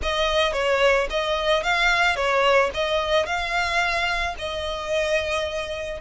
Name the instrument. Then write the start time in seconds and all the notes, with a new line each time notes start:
violin
0.02 D#5
0.53 C#5
1.09 D#5
1.63 F5
2.15 C#5
2.73 D#5
3.26 F5
4.38 D#5